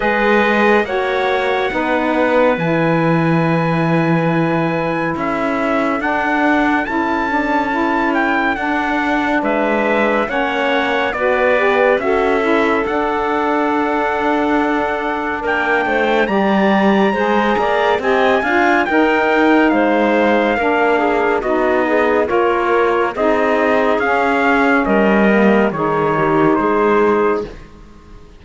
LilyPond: <<
  \new Staff \with { instrumentName = "trumpet" } { \time 4/4 \tempo 4 = 70 dis''4 fis''2 gis''4~ | gis''2 e''4 fis''4 | a''4. g''8 fis''4 e''4 | fis''4 d''4 e''4 fis''4~ |
fis''2 g''4 ais''4~ | ais''4 gis''4 g''4 f''4~ | f''4 dis''4 cis''4 dis''4 | f''4 dis''4 cis''4 c''4 | }
  \new Staff \with { instrumentName = "clarinet" } { \time 4/4 b'4 cis''4 b'2~ | b'2 a'2~ | a'2. b'4 | cis''4 b'4 a'2~ |
a'2 ais'8 c''8 d''4 | c''8 d''8 dis''8 f''8 ais'4 c''4 | ais'8 gis'8 fis'8 gis'8 ais'4 gis'4~ | gis'4 ais'4 gis'8 g'8 gis'4 | }
  \new Staff \with { instrumentName = "saxophone" } { \time 4/4 gis'4 fis'4 dis'4 e'4~ | e'2. d'4 | e'8 d'8 e'4 d'2 | cis'4 fis'8 g'8 fis'8 e'8 d'4~ |
d'2. g'4 | gis'4 g'8 f'8 dis'2 | d'4 dis'4 f'4 dis'4 | cis'4. ais8 dis'2 | }
  \new Staff \with { instrumentName = "cello" } { \time 4/4 gis4 ais4 b4 e4~ | e2 cis'4 d'4 | cis'2 d'4 gis4 | ais4 b4 cis'4 d'4~ |
d'2 ais8 a8 g4 | gis8 ais8 c'8 d'8 dis'4 gis4 | ais4 b4 ais4 c'4 | cis'4 g4 dis4 gis4 | }
>>